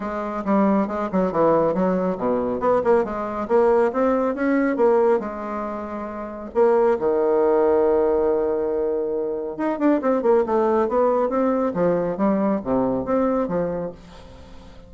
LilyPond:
\new Staff \with { instrumentName = "bassoon" } { \time 4/4 \tempo 4 = 138 gis4 g4 gis8 fis8 e4 | fis4 b,4 b8 ais8 gis4 | ais4 c'4 cis'4 ais4 | gis2. ais4 |
dis1~ | dis2 dis'8 d'8 c'8 ais8 | a4 b4 c'4 f4 | g4 c4 c'4 f4 | }